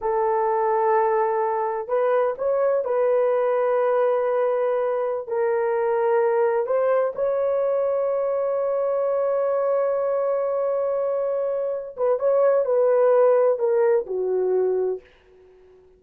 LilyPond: \new Staff \with { instrumentName = "horn" } { \time 4/4 \tempo 4 = 128 a'1 | b'4 cis''4 b'2~ | b'2.~ b'16 ais'8.~ | ais'2~ ais'16 c''4 cis''8.~ |
cis''1~ | cis''1~ | cis''4. b'8 cis''4 b'4~ | b'4 ais'4 fis'2 | }